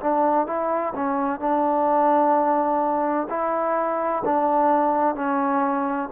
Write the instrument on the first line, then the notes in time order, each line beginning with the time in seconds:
trombone
0.00 D4
0.46 E4
0.95 C#4
1.40 D4
3.29 E4
4.25 D4
5.15 C#4